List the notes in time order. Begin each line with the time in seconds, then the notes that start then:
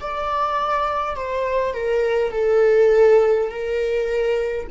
0.00 D5
1.16 C5
1.74 A#4
2.32 A4
3.50 A#4